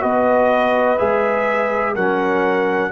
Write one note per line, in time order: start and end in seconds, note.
0.00 1.00 B3
0.00 0.97 F#4
0.00 1.95 B4
0.00 0.98 D#5
0.98 1.96 G#3
0.98 1.95 G#4
0.98 1.95 E5
1.95 2.91 F#3
1.95 2.91 C#4
1.95 2.91 A#4
1.95 2.91 F#5